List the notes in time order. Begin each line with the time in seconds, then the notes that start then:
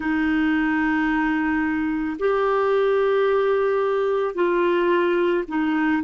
0.00 D#4
2.19 G4
4.34 F4
5.48 D#4